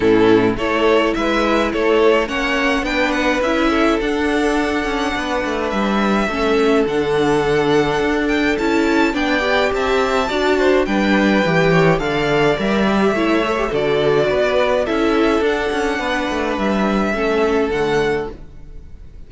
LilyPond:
<<
  \new Staff \with { instrumentName = "violin" } { \time 4/4 \tempo 4 = 105 a'4 cis''4 e''4 cis''4 | fis''4 g''8 fis''8 e''4 fis''4~ | fis''2 e''2 | fis''2~ fis''8 g''8 a''4 |
g''4 a''2 g''4~ | g''4 f''4 e''2 | d''2 e''4 fis''4~ | fis''4 e''2 fis''4 | }
  \new Staff \with { instrumentName = "violin" } { \time 4/4 e'4 a'4 b'4 a'4 | cis''4 b'4. a'4.~ | a'4 b'2 a'4~ | a'1 |
d''4 e''4 d''8 c''8 b'4~ | b'8 cis''8 d''2 cis''4 | a'4 b'4 a'2 | b'2 a'2 | }
  \new Staff \with { instrumentName = "viola" } { \time 4/4 cis'4 e'2. | cis'4 d'4 e'4 d'4~ | d'2. cis'4 | d'2. e'4 |
d'8 g'4. fis'4 d'4 | g'4 a'4 ais'8 g'8 e'8 a'16 g'16 | fis'2 e'4 d'4~ | d'2 cis'4 a4 | }
  \new Staff \with { instrumentName = "cello" } { \time 4/4 a,4 a4 gis4 a4 | ais4 b4 cis'4 d'4~ | d'8 cis'8 b8 a8 g4 a4 | d2 d'4 cis'4 |
b4 c'4 d'4 g4 | e4 d4 g4 a4 | d4 b4 cis'4 d'8 cis'8 | b8 a8 g4 a4 d4 | }
>>